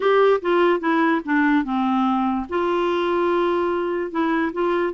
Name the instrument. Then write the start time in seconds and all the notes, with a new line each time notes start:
clarinet
0.00 G4
0.41 F4
0.80 E4
1.24 D4
1.64 C4
2.49 F4
4.11 E4
4.52 F4